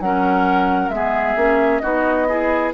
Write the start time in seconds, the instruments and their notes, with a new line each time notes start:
0.00 bassoon F#3, clarinet C#4, oboe A#4, flute F#5
0.89 bassoon G#3, clarinet B3, flute E5
0.95 oboe G#4
1.36 bassoon A#3, clarinet C#4
1.79 bassoon B3, clarinet D#4, oboe F#4, flute D#5
2.29 clarinet E4, oboe G#4